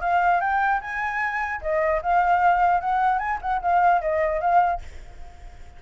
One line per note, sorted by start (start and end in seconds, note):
0.00 0.40 F5
0.40 0.80 G5
0.81 1.61 G#5
1.61 2.01 D#5
2.02 2.80 F5
2.80 3.18 F#5
3.18 3.38 G#5
3.41 3.61 F#5
3.62 4.01 F5
4.01 4.41 D#5
4.41 4.81 F5